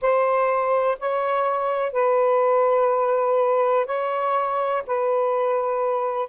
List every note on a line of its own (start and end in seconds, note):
0.01 0.98 C5
0.99 1.92 C#5
1.92 3.85 B4
3.85 4.82 C#5
4.87 6.29 B4